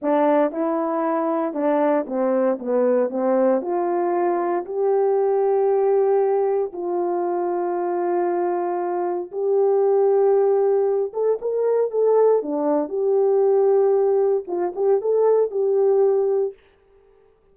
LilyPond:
\new Staff \with { instrumentName = "horn" } { \time 4/4 \tempo 4 = 116 d'4 e'2 d'4 | c'4 b4 c'4 f'4~ | f'4 g'2.~ | g'4 f'2.~ |
f'2 g'2~ | g'4. a'8 ais'4 a'4 | d'4 g'2. | f'8 g'8 a'4 g'2 | }